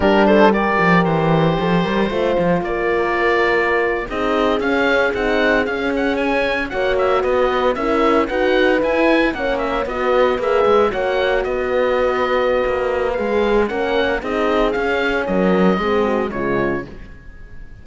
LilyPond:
<<
  \new Staff \with { instrumentName = "oboe" } { \time 4/4 \tempo 4 = 114 ais'8 c''8 d''4 c''2~ | c''4 d''2~ d''8. dis''16~ | dis''8. f''4 fis''4 f''8 fis''8 gis''16~ | gis''8. fis''8 e''8 dis''4 e''4 fis''16~ |
fis''8. gis''4 fis''8 e''8 dis''4 e''16~ | e''8. fis''4 dis''2~ dis''16~ | dis''4 f''4 fis''4 dis''4 | f''4 dis''2 cis''4 | }
  \new Staff \with { instrumentName = "horn" } { \time 4/4 g'8 a'8 ais'2 a'8 ais'8 | c''4 ais'2~ ais'8. gis'16~ | gis'1~ | gis'8. cis''4 b'4 ais'4 b'16~ |
b'4.~ b'16 cis''4 b'4~ b'16~ | b'8. cis''4 b'2~ b'16~ | b'2 ais'4 gis'4~ | gis'4 ais'4 gis'8 fis'8 f'4 | }
  \new Staff \with { instrumentName = "horn" } { \time 4/4 d'4 g'2. | f'2.~ f'8. dis'16~ | dis'8. cis'4 dis'4 cis'4~ cis'16~ | cis'8. fis'2 e'4 fis'16~ |
fis'8. e'4 cis'4 fis'4 gis'16~ | gis'8. fis'2.~ fis'16~ | fis'4 gis'4 cis'4 dis'4 | cis'2 c'4 gis4 | }
  \new Staff \with { instrumentName = "cello" } { \time 4/4 g4. f8 e4 f8 g8 | a8 f8 ais2~ ais8. c'16~ | c'8. cis'4 c'4 cis'4~ cis'16~ | cis'8. ais4 b4 cis'4 dis'16~ |
dis'8. e'4 ais4 b4 ais16~ | ais16 gis8 ais4 b2~ b16 | ais4 gis4 ais4 c'4 | cis'4 fis4 gis4 cis4 | }
>>